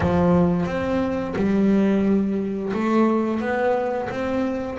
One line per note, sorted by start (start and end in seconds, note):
0.00 0.66 F3
0.66 1.34 C4
1.36 2.72 G3
2.73 3.40 A3
3.40 4.08 B3
4.09 4.78 C4